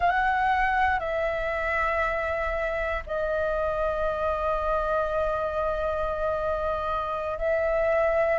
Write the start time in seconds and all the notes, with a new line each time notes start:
0.00 F#5
0.99 E5
3.06 D#5
7.38 E5